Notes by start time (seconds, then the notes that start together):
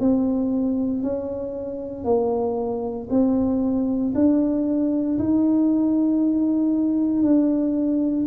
0.00 C4
1.03 C#4
2.04 A#3
3.10 C4
4.15 D4
5.19 D#4
7.23 D4